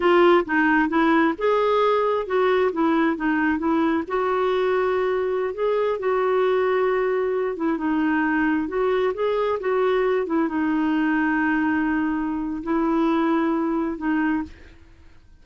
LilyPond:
\new Staff \with { instrumentName = "clarinet" } { \time 4/4 \tempo 4 = 133 f'4 dis'4 e'4 gis'4~ | gis'4 fis'4 e'4 dis'4 | e'4 fis'2.~ | fis'16 gis'4 fis'2~ fis'8.~ |
fis'8. e'8 dis'2 fis'8.~ | fis'16 gis'4 fis'4. e'8 dis'8.~ | dis'1 | e'2. dis'4 | }